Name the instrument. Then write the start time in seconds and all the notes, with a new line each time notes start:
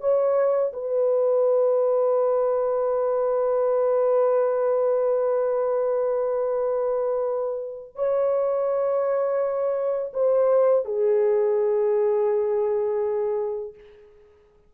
horn
0.00 C#5
0.73 B4
7.95 C#5
10.13 C5
10.85 G#4